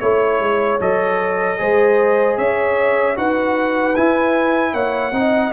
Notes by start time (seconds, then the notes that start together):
0.00 A3 E4 C#5
0.40 G#3
0.80 F#3 A4 D#5
1.58 G#3 G#4 C5
2.38 C#4 C#5 E5
3.16 D#4 F#4 B4 F#5
3.96 E4 G#5
4.74 A#3 C#5 F#5
5.12 C4 D#4 D#5